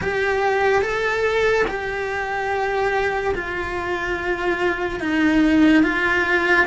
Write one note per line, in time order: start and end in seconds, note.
0.01 0.81 G4
0.81 1.65 A4
1.67 3.34 G4
3.34 5.00 F4
5.00 5.83 D#4
5.83 6.66 F4